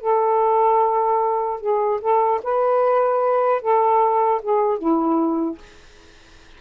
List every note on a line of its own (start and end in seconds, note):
0.00 1.60 A4
1.60 2.00 G#4
2.00 2.40 A4
2.43 3.61 B4
3.61 4.41 A4
4.41 4.78 G#4
4.78 5.58 E4